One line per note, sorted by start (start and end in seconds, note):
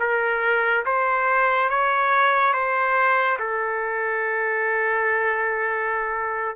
0.00 0.85 A#4
0.86 1.69 C5
1.69 2.53 C#5
2.53 3.38 C5
3.39 6.56 A4